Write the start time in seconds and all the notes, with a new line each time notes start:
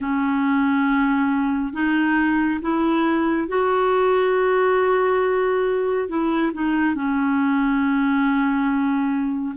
0.00 C#4
1.73 D#4
2.61 E4
3.48 F#4
6.08 E4
6.53 D#4
6.94 C#4